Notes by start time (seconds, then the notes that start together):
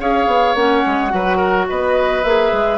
0.00 C#4 G#4 C#5 F5
0.27 B3
0.55 A#3 C#4 F#5
0.86 G#3
1.11 F#3 F#4 B4
1.37 A#4
1.69 B3 B4 D#5
2.24 A#3 G#4 E5
2.52 G#3